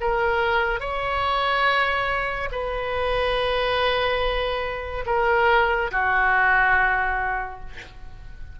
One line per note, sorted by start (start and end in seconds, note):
0.00 0.80 A#4
0.80 2.49 C#5
2.51 5.05 B4
5.06 5.90 A#4
5.91 7.60 F#4